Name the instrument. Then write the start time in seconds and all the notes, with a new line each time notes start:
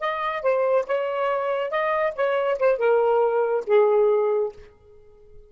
saxophone
0.00 D#5
0.42 C5
0.86 C#5
1.71 D#5
2.15 C#5
2.59 C5
2.78 A#4
3.66 G#4